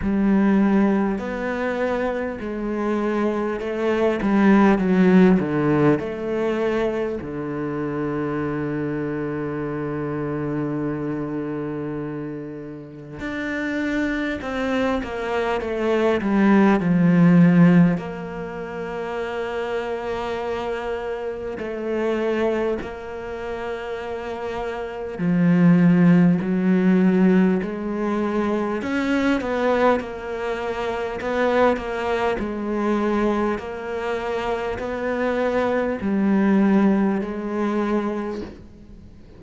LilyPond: \new Staff \with { instrumentName = "cello" } { \time 4/4 \tempo 4 = 50 g4 b4 gis4 a8 g8 | fis8 d8 a4 d2~ | d2. d'4 | c'8 ais8 a8 g8 f4 ais4~ |
ais2 a4 ais4~ | ais4 f4 fis4 gis4 | cis'8 b8 ais4 b8 ais8 gis4 | ais4 b4 g4 gis4 | }